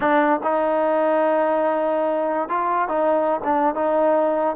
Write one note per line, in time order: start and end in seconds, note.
0.00 0.40 D4
0.43 2.48 D#4
2.48 2.88 F4
2.88 3.40 D#4
3.43 3.74 D4
3.74 4.56 D#4